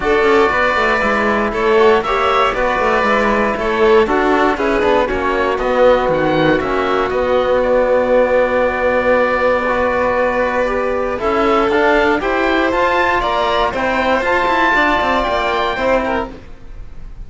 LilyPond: <<
  \new Staff \with { instrumentName = "oboe" } { \time 4/4 \tempo 4 = 118 d''2. cis''4 | e''4 d''2 cis''4 | a'4 b'4 cis''4 dis''4 | fis''4 e''4 dis''4 d''4~ |
d''1~ | d''2 e''4 f''4 | g''4 a''4 ais''4 g''4 | a''2 g''2 | }
  \new Staff \with { instrumentName = "violin" } { \time 4/4 a'4 b'2 a'4 | cis''4 b'2 a'4 | fis'4 gis'4 fis'2~ | fis'1~ |
fis'2. b'4~ | b'2 a'2 | c''2 d''4 c''4~ | c''4 d''2 c''8 ais'8 | }
  \new Staff \with { instrumentName = "trombone" } { \time 4/4 fis'2 e'4. fis'8 | g'4 fis'4 e'2 | fis'4 e'8 d'8 cis'4 b4~ | b4 cis'4 b2~ |
b2. fis'4~ | fis'4 g'4 e'4 d'4 | g'4 f'2 e'4 | f'2. e'4 | }
  \new Staff \with { instrumentName = "cello" } { \time 4/4 d'8 cis'8 b8 a8 gis4 a4 | ais4 b8 a8 gis4 a4 | d'4 cis'8 b8 ais4 b4 | dis4 ais4 b2~ |
b1~ | b2 cis'4 d'4 | e'4 f'4 ais4 c'4 | f'8 e'8 d'8 c'8 ais4 c'4 | }
>>